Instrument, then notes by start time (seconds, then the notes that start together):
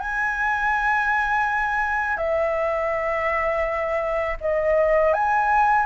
flute
0.00 G#5
2.18 E5
4.41 D#5
5.14 G#5